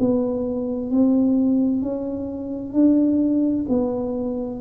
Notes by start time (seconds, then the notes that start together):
0.00 B3
0.91 C4
1.82 C#4
2.74 D4
3.69 B3